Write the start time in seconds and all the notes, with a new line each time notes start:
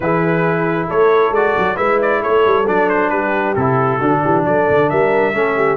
0.00 E3 E4 G#4 B4
0.88 A3 A4 C#5
1.31 G#3 F#4 D5
1.57 F#3
1.76 G#3 E4 B4 E5
2.01 D5
2.22 A3 A4 C#5
2.46 G3
2.66 F#3 D4 D5
2.89 C5
3.09 G3 G4 B4
3.55 C3 E4 A4
3.98 D3 D4 F#4
4.23 E3 G4
4.44 F#3 A4 D5
4.69 D3
4.89 G3 A#4 E5
5.33 A3 C#4 A4
5.56 G4